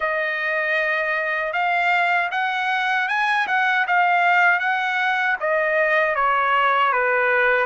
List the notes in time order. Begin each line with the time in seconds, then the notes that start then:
0.00 D#5
1.52 F5
2.31 F#5
3.08 G#5
3.47 F#5
3.87 F5
4.59 F#5
5.40 D#5
6.15 C#5
6.92 B4